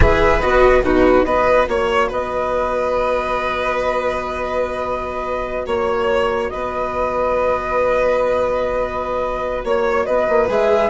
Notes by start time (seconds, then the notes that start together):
0.00 E3 G#4 B4 E5
0.40 B3 F#4 D#5
0.82 B2 D#4 F#4 B4
1.24 B3 F#4 B4 D#5
1.68 A#3 C#5
2.08 B3 B4 D#5
5.66 A#3 C#5
6.49 B3 B4 D#5
9.64 A#3 C#5
10.05 B3 B4 D#5
10.29 A#3
10.48 G#3 G#4 E5